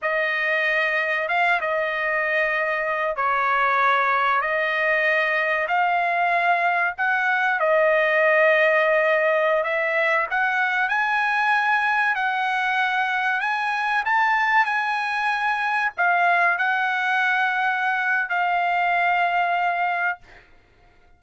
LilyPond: \new Staff \with { instrumentName = "trumpet" } { \time 4/4 \tempo 4 = 95 dis''2 f''8 dis''4.~ | dis''4 cis''2 dis''4~ | dis''4 f''2 fis''4 | dis''2.~ dis''16 e''8.~ |
e''16 fis''4 gis''2 fis''8.~ | fis''4~ fis''16 gis''4 a''4 gis''8.~ | gis''4~ gis''16 f''4 fis''4.~ fis''16~ | fis''4 f''2. | }